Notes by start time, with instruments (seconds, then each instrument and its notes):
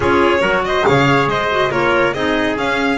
0.00 double bass C#4, clarinet F4, trumpet G#4, violin C#5
0.39 double bass F#3, clarinet F#4, trumpet A#4
0.64 trumpet C5, violin D#5
0.84 double bass C#3, clarinet G#4, trumpet C#5, violin F5
1.26 double bass G#3, trumpet C5, violin D#5
1.50 clarinet F#4
1.71 double bass A#3, clarinet F4, trumpet A#4, violin C#5
2.13 double bass C4, clarinet D#4, trumpet G#4, violin D#5
2.56 double bass C#4, clarinet C#4, violin F5